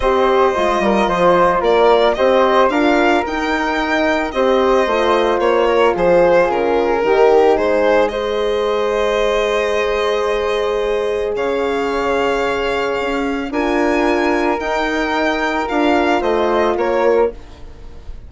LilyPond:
<<
  \new Staff \with { instrumentName = "violin" } { \time 4/4 \tempo 4 = 111 dis''2. d''4 | dis''4 f''4 g''2 | dis''2 cis''4 c''4 | ais'2 c''4 dis''4~ |
dis''1~ | dis''4 f''2.~ | f''4 gis''2 g''4~ | g''4 f''4 dis''4 cis''4 | }
  \new Staff \with { instrumentName = "flute" } { \time 4/4 c''4. ais'8 c''4 ais'4 | c''4 ais'2. | c''2~ c''8 ais'8 gis'4~ | gis'4 g'4 gis'4 c''4~ |
c''1~ | c''4 cis''2.~ | cis''4 ais'2.~ | ais'2 c''4 ais'4 | }
  \new Staff \with { instrumentName = "horn" } { \time 4/4 g'4 f'2. | g'4 f'4 dis'2 | g'4 f'2.~ | f'4 dis'2 gis'4~ |
gis'1~ | gis'1~ | gis'4 f'2 dis'4~ | dis'4 f'2. | }
  \new Staff \with { instrumentName = "bassoon" } { \time 4/4 c'4 gis8 g8 f4 ais4 | c'4 d'4 dis'2 | c'4 a4 ais4 f4 | cis4 dis4 gis2~ |
gis1~ | gis4 cis2. | cis'4 d'2 dis'4~ | dis'4 d'4 a4 ais4 | }
>>